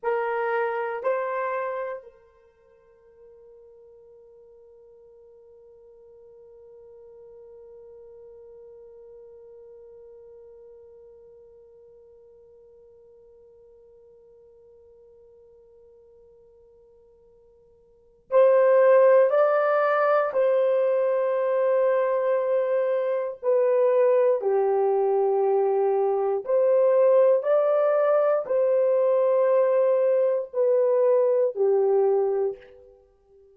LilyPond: \new Staff \with { instrumentName = "horn" } { \time 4/4 \tempo 4 = 59 ais'4 c''4 ais'2~ | ais'1~ | ais'1~ | ais'1~ |
ais'2 c''4 d''4 | c''2. b'4 | g'2 c''4 d''4 | c''2 b'4 g'4 | }